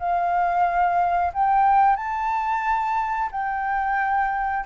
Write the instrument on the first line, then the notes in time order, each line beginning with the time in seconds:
flute
0.00 F5
1.34 G5
1.97 A5
3.32 G5